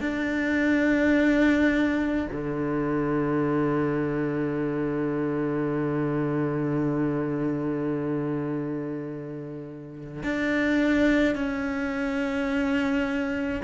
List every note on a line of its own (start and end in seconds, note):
0.00 2.26 D4
2.32 10.23 D3
10.23 11.35 D4
11.35 13.62 C#4